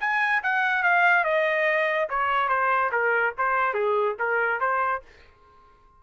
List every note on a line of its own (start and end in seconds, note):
0.00 0.42 G#5
0.43 0.83 F#5
0.83 1.24 F5
1.24 2.08 D#5
2.09 2.48 C#5
2.48 2.90 C5
2.92 3.34 A#4
3.37 3.74 C5
3.74 4.16 G#4
4.19 4.60 A#4
4.60 5.02 C5